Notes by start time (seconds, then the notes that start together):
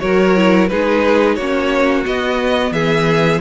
0.00 F#3 F#4 A#4 C#5
0.36 E4
0.68 G#3 D#4 G#4 B4
1.35 A#3 C#4 F#4 C#5
2.05 B3 D#5
2.71 E3 G#4 E5